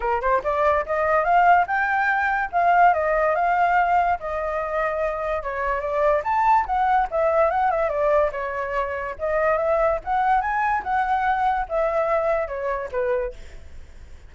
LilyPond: \new Staff \with { instrumentName = "flute" } { \time 4/4 \tempo 4 = 144 ais'8 c''8 d''4 dis''4 f''4 | g''2 f''4 dis''4 | f''2 dis''2~ | dis''4 cis''4 d''4 a''4 |
fis''4 e''4 fis''8 e''8 d''4 | cis''2 dis''4 e''4 | fis''4 gis''4 fis''2 | e''2 cis''4 b'4 | }